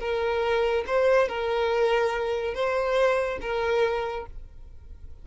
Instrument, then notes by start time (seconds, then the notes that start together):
violin
0.00 A#4
0.87 C5
1.28 A#4
2.54 C5
3.41 A#4